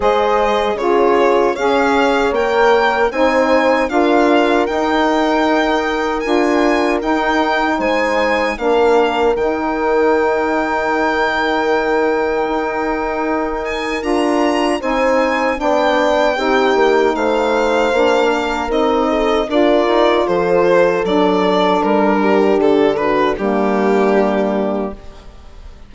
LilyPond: <<
  \new Staff \with { instrumentName = "violin" } { \time 4/4 \tempo 4 = 77 dis''4 cis''4 f''4 g''4 | gis''4 f''4 g''2 | gis''4 g''4 gis''4 f''4 | g''1~ |
g''4. gis''8 ais''4 gis''4 | g''2 f''2 | dis''4 d''4 c''4 d''4 | ais'4 a'8 b'8 g'2 | }
  \new Staff \with { instrumentName = "horn" } { \time 4/4 c''4 gis'4 cis''2 | c''4 ais'2.~ | ais'2 c''4 ais'4~ | ais'1~ |
ais'2. c''4 | d''4 g'4 c''4. ais'8~ | ais'8 a'8 ais'4 a'2~ | a'8 g'4 fis'8 d'2 | }
  \new Staff \with { instrumentName = "saxophone" } { \time 4/4 gis'4 f'4 gis'4 ais'4 | dis'4 f'4 dis'2 | f'4 dis'2 d'4 | dis'1~ |
dis'2 f'4 dis'4 | d'4 dis'2 d'4 | dis'4 f'2 d'4~ | d'2 ais2 | }
  \new Staff \with { instrumentName = "bassoon" } { \time 4/4 gis4 cis4 cis'4 ais4 | c'4 d'4 dis'2 | d'4 dis'4 gis4 ais4 | dis1 |
dis'2 d'4 c'4 | b4 c'8 ais8 a4 ais4 | c'4 d'8 dis'8 f4 fis4 | g4 d4 g2 | }
>>